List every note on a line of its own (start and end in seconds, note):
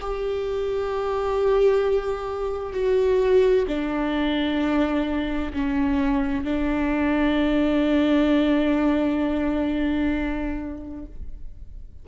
0.00 2.73 G4
2.73 3.65 F#4
3.68 5.52 D4
5.53 6.44 C#4
6.44 11.05 D4